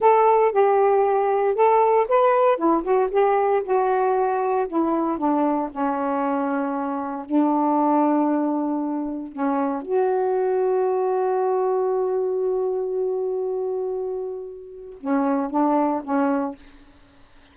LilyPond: \new Staff \with { instrumentName = "saxophone" } { \time 4/4 \tempo 4 = 116 a'4 g'2 a'4 | b'4 e'8 fis'8 g'4 fis'4~ | fis'4 e'4 d'4 cis'4~ | cis'2 d'2~ |
d'2 cis'4 fis'4~ | fis'1~ | fis'1~ | fis'4 cis'4 d'4 cis'4 | }